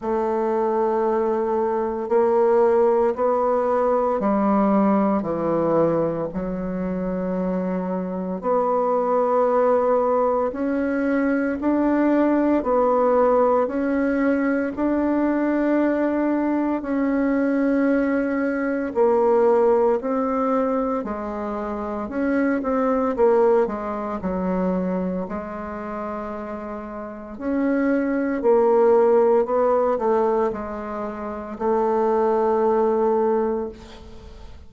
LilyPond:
\new Staff \with { instrumentName = "bassoon" } { \time 4/4 \tempo 4 = 57 a2 ais4 b4 | g4 e4 fis2 | b2 cis'4 d'4 | b4 cis'4 d'2 |
cis'2 ais4 c'4 | gis4 cis'8 c'8 ais8 gis8 fis4 | gis2 cis'4 ais4 | b8 a8 gis4 a2 | }